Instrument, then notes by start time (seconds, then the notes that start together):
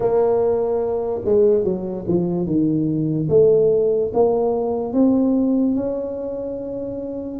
tuba
0.00 A#3
1.24 G#3
1.64 F#3
2.07 F3
2.45 D#3
3.29 A3
4.13 A#3
4.93 C4
5.75 C#4